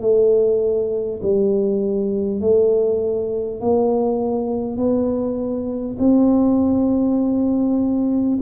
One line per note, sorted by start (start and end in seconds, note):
0.00 1.20 A3
1.22 2.40 G3
2.40 3.60 A3
3.61 4.77 A#3
4.77 5.97 B3
5.99 8.39 C4